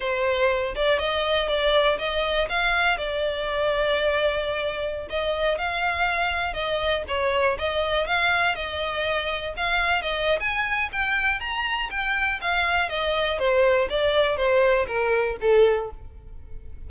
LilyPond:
\new Staff \with { instrumentName = "violin" } { \time 4/4 \tempo 4 = 121 c''4. d''8 dis''4 d''4 | dis''4 f''4 d''2~ | d''2~ d''16 dis''4 f''8.~ | f''4~ f''16 dis''4 cis''4 dis''8.~ |
dis''16 f''4 dis''2 f''8.~ | f''16 dis''8. gis''4 g''4 ais''4 | g''4 f''4 dis''4 c''4 | d''4 c''4 ais'4 a'4 | }